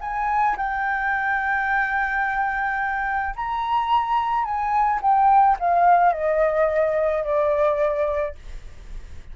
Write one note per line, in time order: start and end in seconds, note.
0.00 0.56 G#5
0.57 3.34 G5
3.36 4.44 A#5
4.44 4.99 G#5
5.01 5.57 G5
5.59 6.12 F5
6.12 7.23 D#5
7.24 8.35 D5